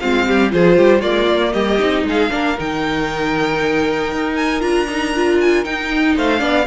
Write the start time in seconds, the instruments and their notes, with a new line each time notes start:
0.00 cello G#3, viola C4, violin F4 F5
0.27 cello G3, violin G4
0.50 cello F3, viola F4, violin G#4 C5
0.76 cello G3, violin G4
0.99 cello G#3, viola A#3, violin F4 D5
1.27 cello A#3
1.53 cello G3, violin G4 D#5
1.79 cello C4, viola D#4
2.04 cello G#3, violin G#4 F5
2.30 cello A#3, viola D4, violin A#4
2.58 cello D#3, viola D#4, violin G5
4.12 cello D#4
4.36 violin G#5
4.60 cello D4, viola F4, violin A#5
4.89 viola D#4
5.16 viola F4
5.41 violin G#5
5.64 viola D#4, cello D#4, violin G5
6.15 cello A3, violin C5 F5
6.38 cello B3, viola D4, violin D5